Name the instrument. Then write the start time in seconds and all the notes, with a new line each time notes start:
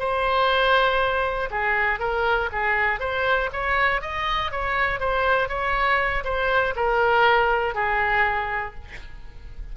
oboe
0.00 C5
1.51 G#4
2.00 A#4
2.53 G#4
3.00 C5
3.53 C#5
4.02 D#5
4.52 C#5
5.00 C5
5.49 C#5
6.25 C5
6.76 A#4
7.75 G#4